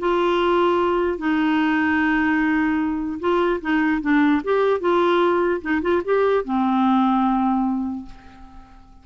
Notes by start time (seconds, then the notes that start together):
0.00 F4
1.19 D#4
3.20 F4
3.61 D#4
4.02 D4
4.44 G4
4.81 F4
5.62 D#4
5.82 F4
6.05 G4
6.45 C4